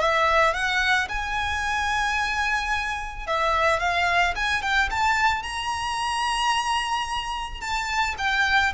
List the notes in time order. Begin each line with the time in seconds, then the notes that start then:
0.00 E5
0.53 F#5
1.09 G#5
3.27 E5
3.80 F5
4.35 G#5
4.62 G5
4.90 A5
5.42 A#5
7.60 A5
8.18 G5